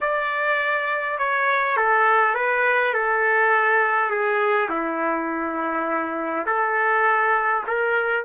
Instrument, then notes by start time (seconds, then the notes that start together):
trumpet
0.00 D5
1.18 C#5
1.76 A4
2.34 B4
2.93 A4
4.10 G#4
4.69 E4
6.45 A4
7.67 A#4